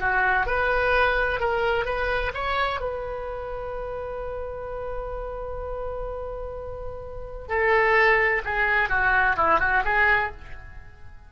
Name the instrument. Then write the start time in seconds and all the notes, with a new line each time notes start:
oboe
0.00 F#4
0.47 B4
1.40 A#4
1.86 B4
2.34 C#5
2.81 B4
7.49 A4
8.45 G#4
8.90 F#4
9.37 E4
9.60 F#4
9.85 G#4